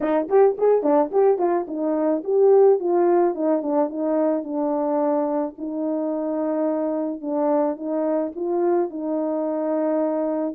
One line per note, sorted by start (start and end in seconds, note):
0.00 0.28 D#4
0.29 0.56 G4
0.58 0.83 G#4
0.83 1.10 D4
1.11 1.38 G4
1.38 1.66 F4
1.67 2.23 D#4
2.23 2.79 G4
2.79 3.35 F4
3.35 3.62 D#4
3.62 3.89 D4
3.89 4.43 D#4
4.43 5.54 D4
5.58 7.21 D#4
7.21 7.76 D4
7.76 8.32 D#4
8.35 8.89 F4
8.89 10.55 D#4